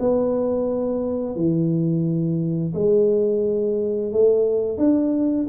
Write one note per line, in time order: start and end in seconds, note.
0.00 1.36 B3
1.36 2.74 E3
2.74 4.12 G#3
4.12 4.78 A3
4.78 5.47 D4